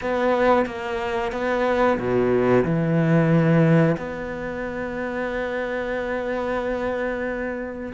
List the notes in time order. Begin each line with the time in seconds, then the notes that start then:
0.01 B3
0.66 A#3
1.32 B3
1.98 B2
2.64 E3
3.97 B3